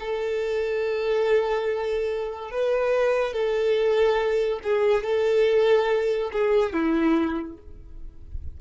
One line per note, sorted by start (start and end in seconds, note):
0.00 2.51 A4
2.51 3.33 B4
3.33 4.60 A4
4.64 5.04 G#4
5.04 6.31 A4
6.33 6.73 G#4
6.73 7.58 E4